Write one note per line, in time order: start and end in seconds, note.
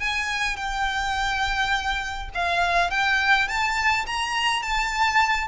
0.00 0.57 G#5
0.57 2.30 G5
2.35 2.91 F5
2.91 3.49 G5
3.49 4.06 A5
4.07 4.63 A#5
4.63 5.48 A5